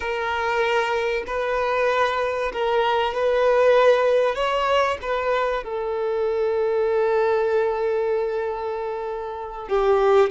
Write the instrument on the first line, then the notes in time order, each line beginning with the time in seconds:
violin
0.00 A#4
1.26 B4
2.53 A#4
3.14 B4
4.35 C#5
5.01 B4
5.63 A4
9.68 G4